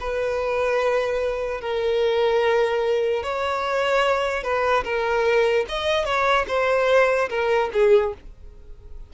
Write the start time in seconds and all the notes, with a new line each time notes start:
0.00 B4
1.61 A#4
3.23 C#5
4.43 B4
4.84 A#4
5.68 D#5
6.05 C#5
6.48 C5
7.29 A#4
7.73 G#4